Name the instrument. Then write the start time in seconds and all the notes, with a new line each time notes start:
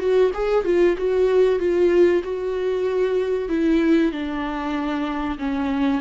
viola
0.00 F#4
0.34 G#4
0.65 F4
0.98 F#4
1.60 F4
2.24 F#4
3.49 E4
4.12 D4
5.39 C#4